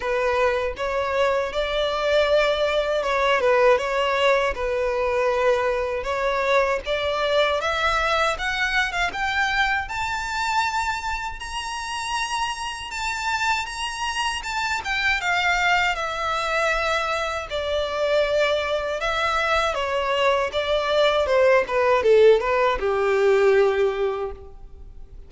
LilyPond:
\new Staff \with { instrumentName = "violin" } { \time 4/4 \tempo 4 = 79 b'4 cis''4 d''2 | cis''8 b'8 cis''4 b'2 | cis''4 d''4 e''4 fis''8. f''16 | g''4 a''2 ais''4~ |
ais''4 a''4 ais''4 a''8 g''8 | f''4 e''2 d''4~ | d''4 e''4 cis''4 d''4 | c''8 b'8 a'8 b'8 g'2 | }